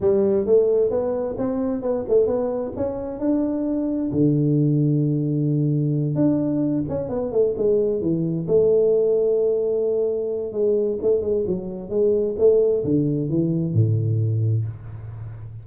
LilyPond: \new Staff \with { instrumentName = "tuba" } { \time 4/4 \tempo 4 = 131 g4 a4 b4 c'4 | b8 a8 b4 cis'4 d'4~ | d'4 d2.~ | d4. d'4. cis'8 b8 |
a8 gis4 e4 a4.~ | a2. gis4 | a8 gis8 fis4 gis4 a4 | d4 e4 a,2 | }